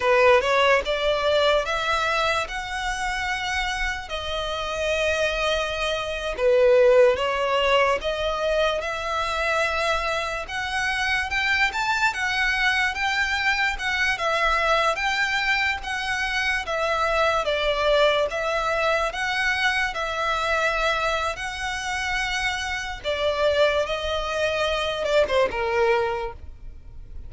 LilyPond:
\new Staff \with { instrumentName = "violin" } { \time 4/4 \tempo 4 = 73 b'8 cis''8 d''4 e''4 fis''4~ | fis''4 dis''2~ dis''8. b'16~ | b'8. cis''4 dis''4 e''4~ e''16~ | e''8. fis''4 g''8 a''8 fis''4 g''16~ |
g''8. fis''8 e''4 g''4 fis''8.~ | fis''16 e''4 d''4 e''4 fis''8.~ | fis''16 e''4.~ e''16 fis''2 | d''4 dis''4. d''16 c''16 ais'4 | }